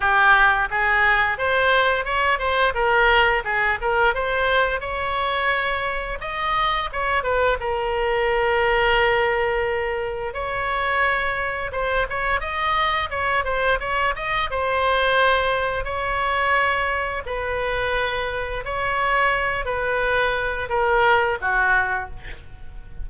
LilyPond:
\new Staff \with { instrumentName = "oboe" } { \time 4/4 \tempo 4 = 87 g'4 gis'4 c''4 cis''8 c''8 | ais'4 gis'8 ais'8 c''4 cis''4~ | cis''4 dis''4 cis''8 b'8 ais'4~ | ais'2. cis''4~ |
cis''4 c''8 cis''8 dis''4 cis''8 c''8 | cis''8 dis''8 c''2 cis''4~ | cis''4 b'2 cis''4~ | cis''8 b'4. ais'4 fis'4 | }